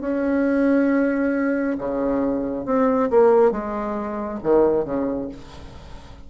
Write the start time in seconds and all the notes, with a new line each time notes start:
0.00 C#4
1.78 C#3
2.65 C4
3.10 A#3
3.51 G#3
4.43 D#3
4.84 C#3